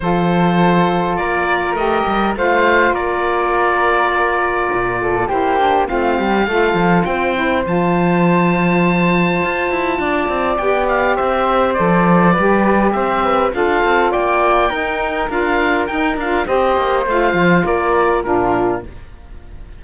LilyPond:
<<
  \new Staff \with { instrumentName = "oboe" } { \time 4/4 \tempo 4 = 102 c''2 d''4 dis''4 | f''4 d''2.~ | d''4 c''4 f''2 | g''4 a''2.~ |
a''2 g''8 f''8 e''4 | d''2 e''4 f''4 | g''2 f''4 g''8 f''8 | dis''4 f''4 d''4 ais'4 | }
  \new Staff \with { instrumentName = "flute" } { \time 4/4 a'2 ais'2 | c''4 ais'2.~ | ais'8 a'8 g'4 f'8 g'8 a'4 | c''1~ |
c''4 d''2 c''4~ | c''4 b'4 c''8 b'8 a'4 | d''4 ais'2. | c''2 ais'4 f'4 | }
  \new Staff \with { instrumentName = "saxophone" } { \time 4/4 f'2. g'4 | f'1~ | f'4 e'8 d'8 c'4 f'4~ | f'8 e'8 f'2.~ |
f'2 g'2 | a'4 g'2 f'4~ | f'4 dis'4 f'4 dis'8 f'8 | g'4 f'2 d'4 | }
  \new Staff \with { instrumentName = "cello" } { \time 4/4 f2 ais4 a8 g8 | a4 ais2. | ais,4 ais4 a8 g8 a8 f8 | c'4 f2. |
f'8 e'8 d'8 c'8 b4 c'4 | f4 g4 c'4 d'8 c'8 | ais4 dis'4 d'4 dis'8 d'8 | c'8 ais8 a8 f8 ais4 ais,4 | }
>>